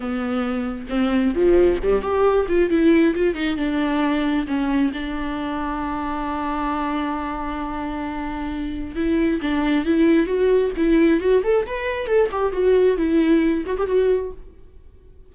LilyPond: \new Staff \with { instrumentName = "viola" } { \time 4/4 \tempo 4 = 134 b2 c'4 f4 | g8 g'4 f'8 e'4 f'8 dis'8 | d'2 cis'4 d'4~ | d'1~ |
d'1 | e'4 d'4 e'4 fis'4 | e'4 fis'8 a'8 b'4 a'8 g'8 | fis'4 e'4. fis'16 g'16 fis'4 | }